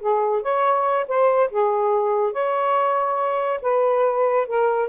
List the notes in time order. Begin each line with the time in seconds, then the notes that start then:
0.00 G#4
0.42 C#5
1.08 C5
1.51 G#4
2.32 C#5
3.62 B4
4.47 A#4